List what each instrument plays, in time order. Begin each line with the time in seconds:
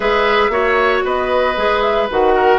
0.00 bassoon G#3, clarinet G#4, oboe B4, flute E5
0.48 bassoon A#3, clarinet F#4, oboe C#5
1.04 bassoon B3, oboe B4, flute D#5
1.56 bassoon G#3, clarinet G#4
1.81 flute E5
2.10 bassoon D#3, clarinet F#4, flute F#5
2.34 oboe A#4